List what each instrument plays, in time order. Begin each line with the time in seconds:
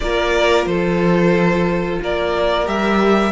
0.00 cello A#3, viola F4, violin A#4 D5
0.65 cello F3, violin A4 C5
2.01 cello A#3, violin A#4 D5
2.64 cello G3, viola G4, violin E5